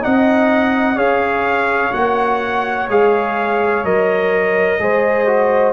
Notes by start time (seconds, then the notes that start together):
0.00 C4 D#4 D#5 F#5
0.96 C#4 G#4 C#5 F5
1.91 A#3 F#4 F#5
2.88 G#3 G#4 F5
3.84 F#3 A#4 D#5
4.79 G#3 G#4 C5
5.27 F#4